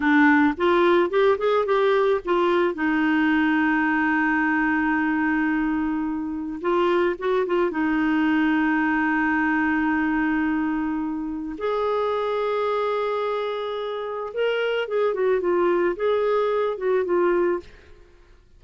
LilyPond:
\new Staff \with { instrumentName = "clarinet" } { \time 4/4 \tempo 4 = 109 d'4 f'4 g'8 gis'8 g'4 | f'4 dis'2.~ | dis'1 | f'4 fis'8 f'8 dis'2~ |
dis'1~ | dis'4 gis'2.~ | gis'2 ais'4 gis'8 fis'8 | f'4 gis'4. fis'8 f'4 | }